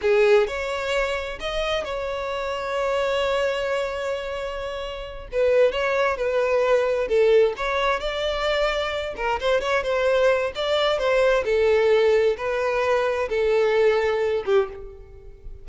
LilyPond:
\new Staff \with { instrumentName = "violin" } { \time 4/4 \tempo 4 = 131 gis'4 cis''2 dis''4 | cis''1~ | cis''2.~ cis''8 b'8~ | b'8 cis''4 b'2 a'8~ |
a'8 cis''4 d''2~ d''8 | ais'8 c''8 cis''8 c''4. d''4 | c''4 a'2 b'4~ | b'4 a'2~ a'8 g'8 | }